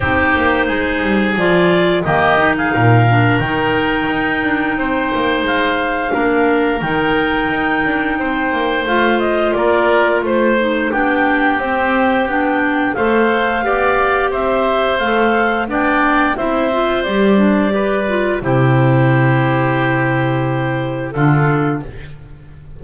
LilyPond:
<<
  \new Staff \with { instrumentName = "clarinet" } { \time 4/4 \tempo 4 = 88 c''2 d''4 dis''8. f''16~ | f''4 g''2. | f''2 g''2~ | g''4 f''8 dis''8 d''4 c''4 |
g''4 c''4 g''4 f''4~ | f''4 e''4 f''4 g''4 | e''4 d''2 c''4~ | c''2. a'4 | }
  \new Staff \with { instrumentName = "oboe" } { \time 4/4 g'4 gis'2 g'8. gis'16 | ais'2. c''4~ | c''4 ais'2. | c''2 ais'4 c''4 |
g'2. c''4 | d''4 c''2 d''4 | c''2 b'4 g'4~ | g'2. f'4 | }
  \new Staff \with { instrumentName = "clarinet" } { \time 4/4 dis'2 f'4 ais8 dis'8~ | dis'8 d'8 dis'2.~ | dis'4 d'4 dis'2~ | dis'4 f'2~ f'8 dis'8 |
d'4 c'4 d'4 a'4 | g'2 a'4 d'4 | e'8 f'8 g'8 d'8 g'8 f'8 e'4~ | e'2. d'4 | }
  \new Staff \with { instrumentName = "double bass" } { \time 4/4 c'8 ais8 gis8 g8 f4 dis4 | ais,4 dis4 dis'8 d'8 c'8 ais8 | gis4 ais4 dis4 dis'8 d'8 | c'8 ais8 a4 ais4 a4 |
b4 c'4 b4 a4 | b4 c'4 a4 b4 | c'4 g2 c4~ | c2. d4 | }
>>